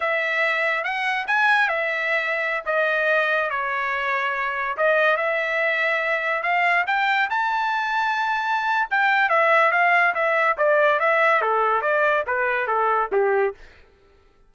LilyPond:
\new Staff \with { instrumentName = "trumpet" } { \time 4/4 \tempo 4 = 142 e''2 fis''4 gis''4 | e''2~ e''16 dis''4.~ dis''16~ | dis''16 cis''2. dis''8.~ | dis''16 e''2. f''8.~ |
f''16 g''4 a''2~ a''8.~ | a''4 g''4 e''4 f''4 | e''4 d''4 e''4 a'4 | d''4 b'4 a'4 g'4 | }